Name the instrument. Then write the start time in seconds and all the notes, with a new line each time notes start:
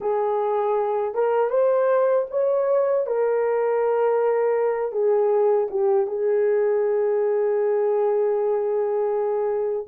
horn
0.00 G#4
1.14 A#4
1.50 C5
2.30 C#5
3.06 A#4
4.92 G#4
5.70 G4
6.07 G#4